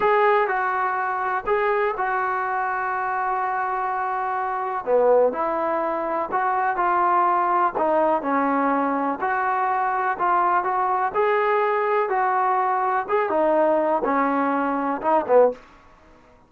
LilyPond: \new Staff \with { instrumentName = "trombone" } { \time 4/4 \tempo 4 = 124 gis'4 fis'2 gis'4 | fis'1~ | fis'2 b4 e'4~ | e'4 fis'4 f'2 |
dis'4 cis'2 fis'4~ | fis'4 f'4 fis'4 gis'4~ | gis'4 fis'2 gis'8 dis'8~ | dis'4 cis'2 dis'8 b8 | }